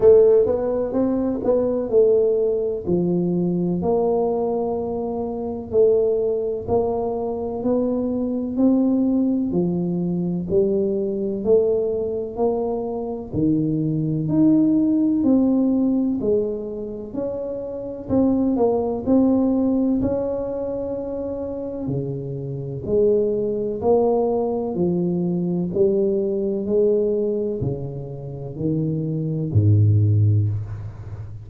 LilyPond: \new Staff \with { instrumentName = "tuba" } { \time 4/4 \tempo 4 = 63 a8 b8 c'8 b8 a4 f4 | ais2 a4 ais4 | b4 c'4 f4 g4 | a4 ais4 dis4 dis'4 |
c'4 gis4 cis'4 c'8 ais8 | c'4 cis'2 cis4 | gis4 ais4 f4 g4 | gis4 cis4 dis4 gis,4 | }